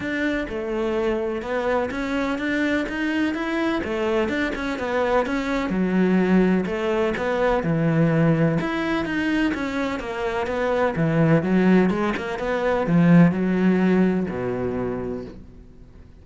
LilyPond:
\new Staff \with { instrumentName = "cello" } { \time 4/4 \tempo 4 = 126 d'4 a2 b4 | cis'4 d'4 dis'4 e'4 | a4 d'8 cis'8 b4 cis'4 | fis2 a4 b4 |
e2 e'4 dis'4 | cis'4 ais4 b4 e4 | fis4 gis8 ais8 b4 f4 | fis2 b,2 | }